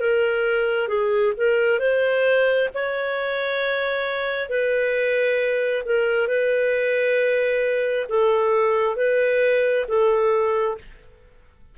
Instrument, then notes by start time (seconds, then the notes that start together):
clarinet
0.00 A#4
0.88 G#4
1.37 A#4
1.80 C5
2.74 C#5
4.49 B4
5.85 A#4
6.28 B4
8.09 A4
8.96 B4
9.88 A4